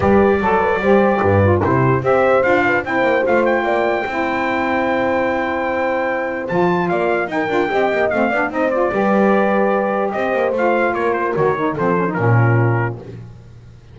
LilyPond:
<<
  \new Staff \with { instrumentName = "trumpet" } { \time 4/4 \tempo 4 = 148 d''1 | c''4 e''4 f''4 g''4 | f''8 g''2.~ g''8~ | g''1 |
a''4 f''4 g''2 | f''4 dis''8 d''2~ d''8~ | d''4 dis''4 f''4 cis''8 c''8 | cis''4 c''4 ais'2 | }
  \new Staff \with { instrumentName = "horn" } { \time 4/4 b'4 a'8 b'8 c''4 b'4 | g'4 c''4. b'8 c''4~ | c''4 d''4 c''2~ | c''1~ |
c''4 d''4 ais'4 dis''4~ | dis''8 d''8 c''4 b'2~ | b'4 c''2 ais'4~ | ais'4 a'4 f'2 | }
  \new Staff \with { instrumentName = "saxophone" } { \time 4/4 g'4 a'4 g'4. f'8 | e'4 g'4 f'4 e'4 | f'2 e'2~ | e'1 |
f'2 dis'8 f'8 g'4 | c'8 d'8 dis'8 f'8 g'2~ | g'2 f'2 | fis'8 dis'8 c'8 cis'16 dis'16 cis'2 | }
  \new Staff \with { instrumentName = "double bass" } { \time 4/4 g4 fis4 g4 g,4 | c4 c'4 d'4 c'8 ais8 | a4 ais4 c'2~ | c'1 |
f4 ais4 dis'8 d'8 c'8 ais8 | a8 b8 c'4 g2~ | g4 c'8 ais8 a4 ais4 | dis4 f4 ais,2 | }
>>